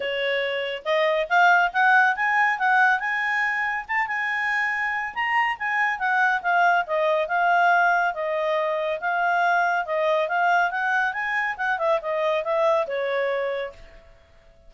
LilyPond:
\new Staff \with { instrumentName = "clarinet" } { \time 4/4 \tempo 4 = 140 cis''2 dis''4 f''4 | fis''4 gis''4 fis''4 gis''4~ | gis''4 a''8 gis''2~ gis''8 | ais''4 gis''4 fis''4 f''4 |
dis''4 f''2 dis''4~ | dis''4 f''2 dis''4 | f''4 fis''4 gis''4 fis''8 e''8 | dis''4 e''4 cis''2 | }